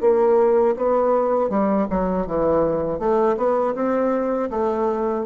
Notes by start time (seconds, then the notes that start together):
0.00 A#3
0.76 B3
1.49 G3
1.90 F#3
2.26 E3
2.98 A3
3.36 B3
3.74 C4
4.50 A3